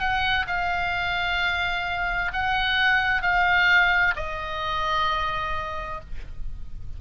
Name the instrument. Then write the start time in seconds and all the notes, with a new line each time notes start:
oboe
0.00 F#5
0.47 F5
2.33 F#5
3.22 F5
4.16 D#5